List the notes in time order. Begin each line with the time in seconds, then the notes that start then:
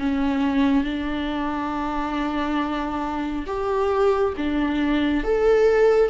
0.00 C#4
0.85 D4
3.47 G4
4.38 D4
5.25 A4